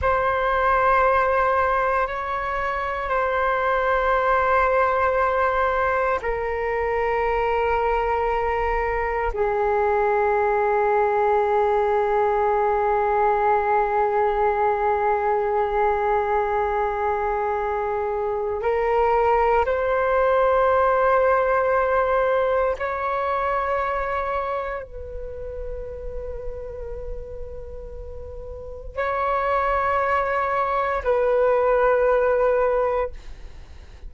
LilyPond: \new Staff \with { instrumentName = "flute" } { \time 4/4 \tempo 4 = 58 c''2 cis''4 c''4~ | c''2 ais'2~ | ais'4 gis'2.~ | gis'1~ |
gis'2 ais'4 c''4~ | c''2 cis''2 | b'1 | cis''2 b'2 | }